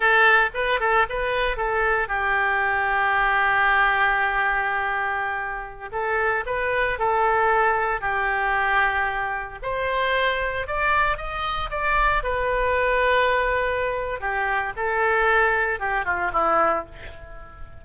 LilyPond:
\new Staff \with { instrumentName = "oboe" } { \time 4/4 \tempo 4 = 114 a'4 b'8 a'8 b'4 a'4 | g'1~ | g'2.~ g'16 a'8.~ | a'16 b'4 a'2 g'8.~ |
g'2~ g'16 c''4.~ c''16~ | c''16 d''4 dis''4 d''4 b'8.~ | b'2. g'4 | a'2 g'8 f'8 e'4 | }